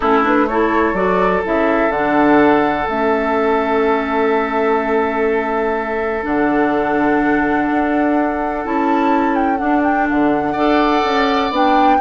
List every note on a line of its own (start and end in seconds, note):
0.00 0.93 A3
0.00 0.23 C#4
0.00 0.46 E4
0.00 0.24 A4
0.23 0.47 D4
0.23 0.47 B4
0.47 0.95 E4
0.47 10.52 A4
0.47 0.95 C#5
0.93 1.41 F#3
0.93 1.43 F#4
0.93 1.43 D5
1.43 1.89 C#3
1.43 1.91 E4
1.43 1.91 E5
1.89 2.85 D3
1.89 2.87 D4
1.89 2.87 F#5
2.87 6.24 A3
2.87 6.23 C#4
2.87 6.25 E5
6.23 7.69 D3
6.23 8.63 D4
6.23 8.65 F#5
7.70 8.65 D4
8.64 9.60 C#4
8.64 9.57 E4
8.64 9.34 A5
9.34 9.57 G5
9.57 10.53 D4
9.57 10.08 D4
9.57 9.81 F#5
9.83 10.07 G5
10.09 10.55 D3
10.09 11.53 F#5
10.52 11.03 D4
10.52 11.51 A4
10.52 11.96 D5
11.04 11.50 C#4
11.50 11.98 B3
11.50 11.99 D4
11.50 12.01 G5